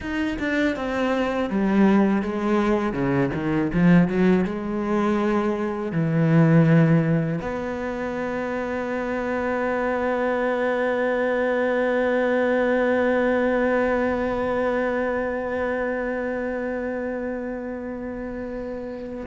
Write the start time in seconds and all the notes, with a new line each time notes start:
0.00 D#4
0.38 D4
0.75 C4
1.50 G3
2.22 G#3
2.93 C#3
3.34 D#3
3.73 F3
4.07 F#3
4.44 G#3
5.92 E3
7.41 B3